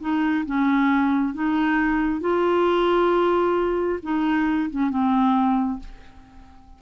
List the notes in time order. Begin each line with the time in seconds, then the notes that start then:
0.00 D#4
0.46 C#4
1.34 D#4
2.20 F4
4.03 D#4
4.70 C#4
4.89 C4